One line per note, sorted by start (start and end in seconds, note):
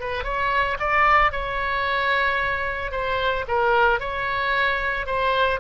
0.00 0.24 B4
0.24 0.77 C#5
0.79 1.31 D5
1.31 2.91 C#5
2.91 3.45 C5
3.48 4.00 A#4
4.00 5.06 C#5
5.06 5.60 C5